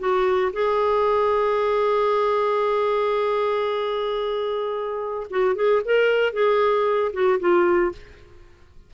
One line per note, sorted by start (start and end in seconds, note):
0.00 0.53 F#4
0.54 5.27 G#4
5.31 5.56 F#4
5.56 5.82 G#4
5.85 6.33 A#4
6.33 7.12 G#4
7.13 7.40 F#4
7.40 7.93 F4